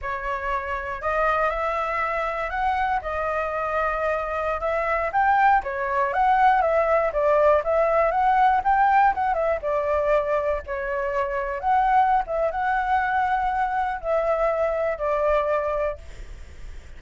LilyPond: \new Staff \with { instrumentName = "flute" } { \time 4/4 \tempo 4 = 120 cis''2 dis''4 e''4~ | e''4 fis''4 dis''2~ | dis''4~ dis''16 e''4 g''4 cis''8.~ | cis''16 fis''4 e''4 d''4 e''8.~ |
e''16 fis''4 g''4 fis''8 e''8 d''8.~ | d''4~ d''16 cis''2 fis''8.~ | fis''8 e''8 fis''2. | e''2 d''2 | }